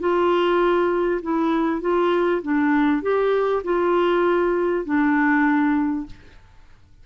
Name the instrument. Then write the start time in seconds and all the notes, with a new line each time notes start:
clarinet
0.00 F4
1.22 E4
1.81 F4
2.42 D4
3.02 G4
3.64 F4
4.85 D4